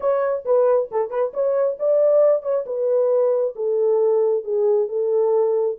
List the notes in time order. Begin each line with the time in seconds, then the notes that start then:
0.00 C#5
0.45 B4
0.91 A4
1.10 B4
1.33 C#5
1.79 D5
2.42 C#5
2.65 B4
3.55 A4
4.44 G#4
4.88 A4